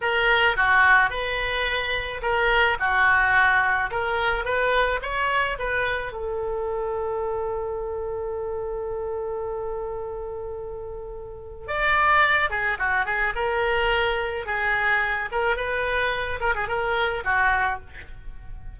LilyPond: \new Staff \with { instrumentName = "oboe" } { \time 4/4 \tempo 4 = 108 ais'4 fis'4 b'2 | ais'4 fis'2 ais'4 | b'4 cis''4 b'4 a'4~ | a'1~ |
a'1~ | a'4 d''4. gis'8 fis'8 gis'8 | ais'2 gis'4. ais'8 | b'4. ais'16 gis'16 ais'4 fis'4 | }